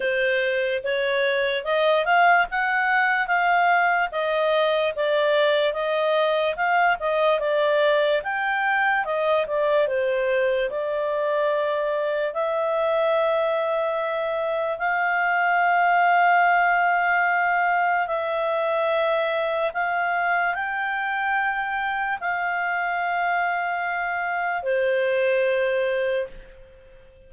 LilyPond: \new Staff \with { instrumentName = "clarinet" } { \time 4/4 \tempo 4 = 73 c''4 cis''4 dis''8 f''8 fis''4 | f''4 dis''4 d''4 dis''4 | f''8 dis''8 d''4 g''4 dis''8 d''8 | c''4 d''2 e''4~ |
e''2 f''2~ | f''2 e''2 | f''4 g''2 f''4~ | f''2 c''2 | }